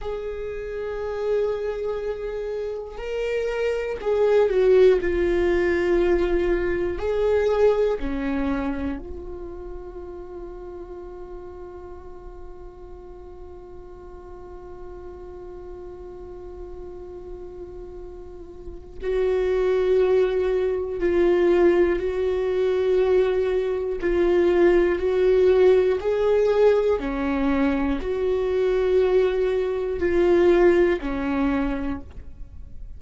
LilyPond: \new Staff \with { instrumentName = "viola" } { \time 4/4 \tempo 4 = 60 gis'2. ais'4 | gis'8 fis'8 f'2 gis'4 | cis'4 f'2.~ | f'1~ |
f'2. fis'4~ | fis'4 f'4 fis'2 | f'4 fis'4 gis'4 cis'4 | fis'2 f'4 cis'4 | }